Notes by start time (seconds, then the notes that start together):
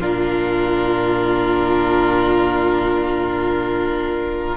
0.00 A#2 D4 F4 A#4